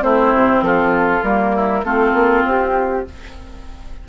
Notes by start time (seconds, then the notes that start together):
0.00 A3 C4 E4 C5
0.34 C3
0.61 F3 F4 A4
1.23 G3 A#3 A#4
1.56 E4
1.83 A3 C4 F4 A4
2.14 A#3
2.45 C4 G4